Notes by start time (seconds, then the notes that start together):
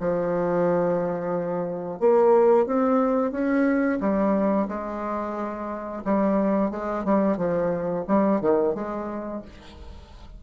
0.00 F3
2.00 A#3
2.66 C4
3.31 C#4
4.00 G3
4.68 G#3
6.04 G3
6.70 G#3
7.04 G3
7.37 F3
8.07 G3
8.41 D#3
8.74 G#3